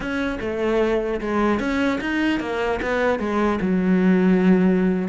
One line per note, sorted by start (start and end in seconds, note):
0.00 0.38 C#4
0.40 1.20 A3
1.21 1.59 G#3
1.59 1.99 C#4
2.01 2.40 D#4
2.40 2.80 A#3
2.82 3.19 B3
3.19 3.59 G#3
3.61 5.08 F#3